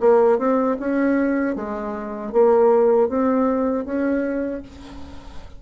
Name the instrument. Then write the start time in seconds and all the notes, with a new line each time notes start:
bassoon
0.00 A#3
0.38 C4
0.79 C#4
1.56 G#3
2.32 A#3
3.09 C4
3.85 C#4